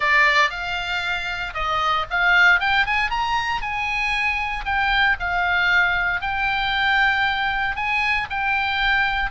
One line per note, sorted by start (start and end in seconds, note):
0.00 0.50 D5
0.50 1.53 F5
1.54 2.05 D#5
2.10 2.60 F5
2.60 2.86 G5
2.86 3.10 G#5
3.10 3.61 A#5
3.61 4.65 G#5
4.65 5.17 G5
5.19 6.21 F5
6.21 7.76 G5
7.76 8.27 G#5
8.30 9.30 G5